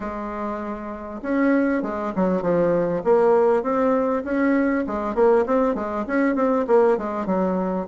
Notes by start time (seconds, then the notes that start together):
0.00 G#3
1.22 C#4
1.82 G#3
2.15 F#3
2.41 F3
3.04 A#3
3.62 C4
4.24 C#4
4.86 G#3
5.15 A#3
5.45 C4
5.74 G#3
6.07 C#4
6.35 C4
6.67 A#3
6.97 G#3
7.26 F#3